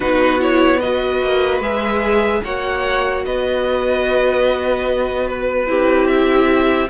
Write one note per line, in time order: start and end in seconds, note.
0.00 1.21 B3
0.00 0.39 D#4
0.00 0.79 F#4
0.00 0.40 B4
0.39 0.80 E4
0.39 0.80 C#5
0.79 1.62 F#4
0.79 2.41 B4
0.79 1.61 D#5
1.21 1.59 A#3
1.59 2.41 G#3
1.59 2.43 G#4
1.59 2.43 E5
2.43 3.25 A#3
2.43 5.66 F#4
2.43 3.24 C#5
2.43 3.25 F#5
3.25 5.67 B3
3.25 5.68 B4
3.25 5.27 D#5
5.27 6.07 B4
5.66 6.89 C4
5.66 6.88 E4
5.66 6.89 G4
6.07 6.88 E5